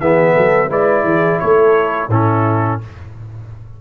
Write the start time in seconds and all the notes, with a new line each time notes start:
0.00 E3 B3 G#4 E5
0.34 F#3 A4
0.68 G#3 E4 B4 D5
1.03 E3 G#4
1.39 A3 A4 C#5
2.08 A2 C#4 E4 A4